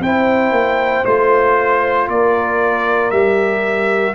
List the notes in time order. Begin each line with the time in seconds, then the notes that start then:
0.00 C4 E4 C5 G5
0.52 A#3
1.05 A3 F4 C5
2.08 A#3 A#4 D5
3.11 G3 G4 E5